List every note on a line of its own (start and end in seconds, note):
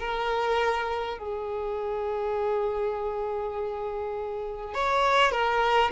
0.00 1.19 A#4
1.19 4.74 G#4
4.74 5.32 C#5
5.32 5.91 A#4